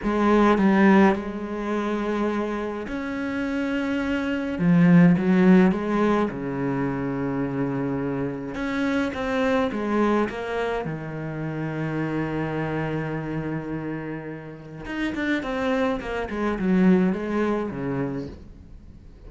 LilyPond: \new Staff \with { instrumentName = "cello" } { \time 4/4 \tempo 4 = 105 gis4 g4 gis2~ | gis4 cis'2. | f4 fis4 gis4 cis4~ | cis2. cis'4 |
c'4 gis4 ais4 dis4~ | dis1~ | dis2 dis'8 d'8 c'4 | ais8 gis8 fis4 gis4 cis4 | }